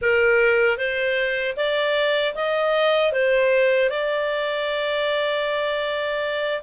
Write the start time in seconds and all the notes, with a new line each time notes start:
0.01 A#4
0.77 C5
1.56 D5
2.34 D#5
3.12 C5
3.89 D5